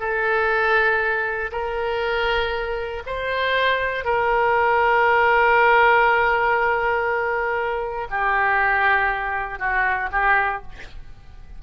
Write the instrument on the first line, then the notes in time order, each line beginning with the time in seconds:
oboe
0.00 A4
1.52 A#4
3.06 C5
4.05 A#4
8.10 G4
9.59 F#4
10.12 G4